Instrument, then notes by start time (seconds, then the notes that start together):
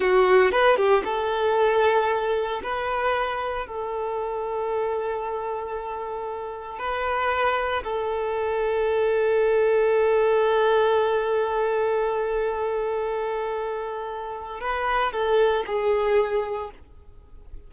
violin
0.00 F#4
0.51 B4
0.76 G4
1.04 A4
2.63 B4
3.66 A4
6.78 B4
7.83 A4
14.60 B4
15.12 A4
15.66 G#4